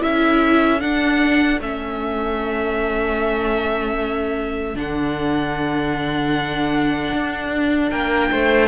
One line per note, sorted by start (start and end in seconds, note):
0.00 0.82 C#4
0.00 0.79 E4
0.00 7.91 A4
0.00 0.80 E5
0.80 1.59 D4
0.80 1.60 D4
0.80 1.59 F#5
1.60 4.75 A3
1.60 4.75 C#4
1.60 4.78 E5
4.75 7.12 D3
4.75 8.68 D4
4.75 7.90 F#5
7.13 7.91 D4
7.90 8.30 A#3
7.90 8.30 A#4
7.90 8.68 G5
8.31 8.68 A3
8.31 8.68 C5